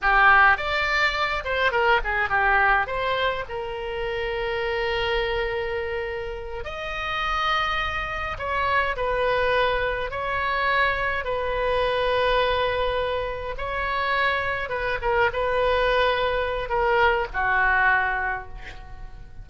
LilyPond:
\new Staff \with { instrumentName = "oboe" } { \time 4/4 \tempo 4 = 104 g'4 d''4. c''8 ais'8 gis'8 | g'4 c''4 ais'2~ | ais'2.~ ais'8 dis''8~ | dis''2~ dis''8 cis''4 b'8~ |
b'4. cis''2 b'8~ | b'2.~ b'8 cis''8~ | cis''4. b'8 ais'8 b'4.~ | b'4 ais'4 fis'2 | }